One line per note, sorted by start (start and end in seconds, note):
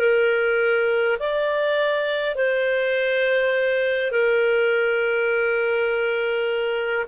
0.00 1.18 A#4
1.20 2.36 D5
2.36 4.12 C5
4.12 7.06 A#4